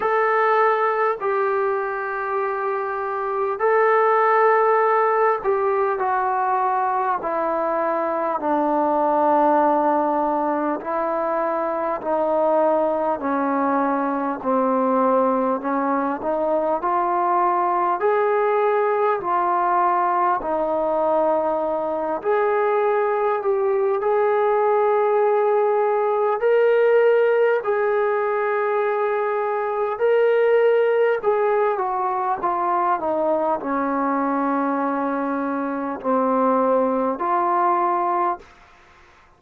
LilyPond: \new Staff \with { instrumentName = "trombone" } { \time 4/4 \tempo 4 = 50 a'4 g'2 a'4~ | a'8 g'8 fis'4 e'4 d'4~ | d'4 e'4 dis'4 cis'4 | c'4 cis'8 dis'8 f'4 gis'4 |
f'4 dis'4. gis'4 g'8 | gis'2 ais'4 gis'4~ | gis'4 ais'4 gis'8 fis'8 f'8 dis'8 | cis'2 c'4 f'4 | }